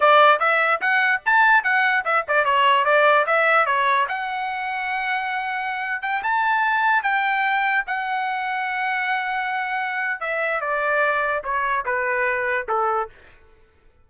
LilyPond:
\new Staff \with { instrumentName = "trumpet" } { \time 4/4 \tempo 4 = 147 d''4 e''4 fis''4 a''4 | fis''4 e''8 d''8 cis''4 d''4 | e''4 cis''4 fis''2~ | fis''2~ fis''8. g''8 a''8.~ |
a''4~ a''16 g''2 fis''8.~ | fis''1~ | fis''4 e''4 d''2 | cis''4 b'2 a'4 | }